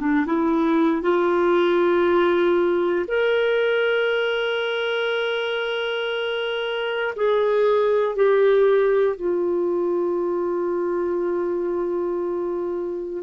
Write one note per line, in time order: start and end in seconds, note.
0.00 0.25 D4
0.26 1.02 E4
1.02 3.06 F4
3.07 7.14 A#4
7.16 8.15 G#4
8.15 9.16 G4
9.16 13.23 F4